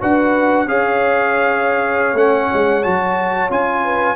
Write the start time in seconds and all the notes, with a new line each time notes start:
0.00 D4 F#4 B4 F#5
0.67 C#4 G#4 C#5 F5
2.14 A3 C#4 F#5
2.54 G#3
2.83 F#3 F#4 A5
3.50 C#4 F4 G#5
3.84 B4